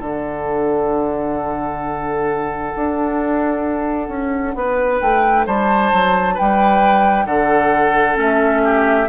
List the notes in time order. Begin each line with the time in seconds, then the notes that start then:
0.00 D3 D4 A4 F#5
2.76 D4
4.09 C#4
4.55 B3 B4
5.01 A3 G5
5.47 G3 C5 A5
5.93 F#3
6.35 B4 G5
6.41 G3
7.26 D3 A4 F#5
8.16 A3 C#4 E5
8.64 G4